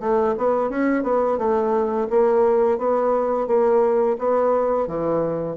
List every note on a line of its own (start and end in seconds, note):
0.00 0.35 A3
0.38 0.69 B3
0.69 1.03 C#4
1.03 1.38 B3
1.38 2.08 A3
2.10 2.78 A#3
2.78 3.47 B3
3.47 4.17 A#3
4.19 4.87 B3
4.87 5.57 E3